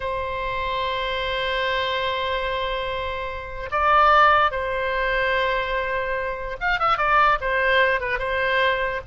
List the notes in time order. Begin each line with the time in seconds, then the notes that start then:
0.00 C5
3.71 D5
4.51 C5
6.60 F5
6.79 E5
6.97 D5
7.40 C5
8.00 B4
8.19 C5